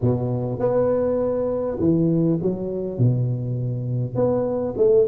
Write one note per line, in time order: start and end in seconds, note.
0.01 0.59 B2
0.59 1.78 B3
1.79 2.39 E3
2.42 2.98 F#3
2.98 4.15 B2
4.15 4.74 B3
4.77 5.07 A3